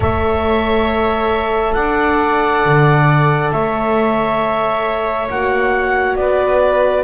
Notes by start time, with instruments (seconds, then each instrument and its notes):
0.00 double bass A3, horn A4, viola C#5, clarinet E5
1.73 double bass D4, viola D5, clarinet F#5
2.65 double bass D3
3.51 double bass A3, viola C#5, clarinet E5
5.29 double bass A#3, horn F#4, clarinet F#5
6.15 double bass B3, viola B4, clarinet D5